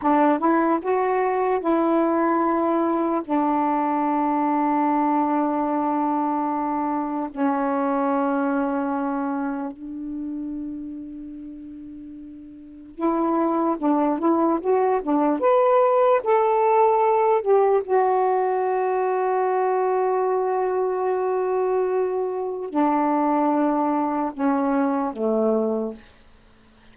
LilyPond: \new Staff \with { instrumentName = "saxophone" } { \time 4/4 \tempo 4 = 74 d'8 e'8 fis'4 e'2 | d'1~ | d'4 cis'2. | d'1 |
e'4 d'8 e'8 fis'8 d'8 b'4 | a'4. g'8 fis'2~ | fis'1 | d'2 cis'4 a4 | }